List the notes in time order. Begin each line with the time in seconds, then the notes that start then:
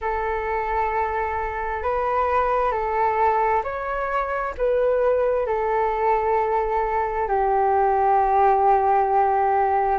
0.01 A4
1.82 B4
2.71 A4
3.63 C#5
4.57 B4
5.46 A4
7.28 G4